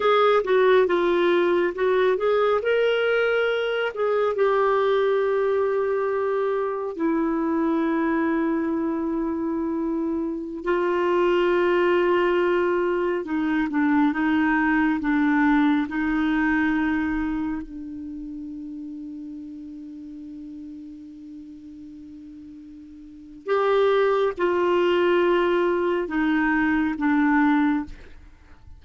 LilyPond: \new Staff \with { instrumentName = "clarinet" } { \time 4/4 \tempo 4 = 69 gis'8 fis'8 f'4 fis'8 gis'8 ais'4~ | ais'8 gis'8 g'2. | e'1~ | e'16 f'2. dis'8 d'16~ |
d'16 dis'4 d'4 dis'4.~ dis'16~ | dis'16 d'2.~ d'8.~ | d'2. g'4 | f'2 dis'4 d'4 | }